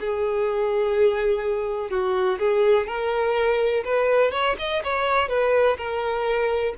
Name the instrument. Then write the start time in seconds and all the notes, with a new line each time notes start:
violin
0.00 G#4
1.90 F#4
2.39 G#4
2.87 A#4
3.84 B4
4.31 C#5
4.58 D#5
4.83 C#5
5.28 B4
5.77 A#4